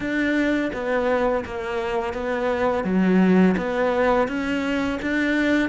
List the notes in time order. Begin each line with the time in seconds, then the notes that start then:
0.00 D4
0.73 B3
1.45 A#3
2.13 B3
2.84 F#3
3.57 B3
4.28 C#4
5.02 D4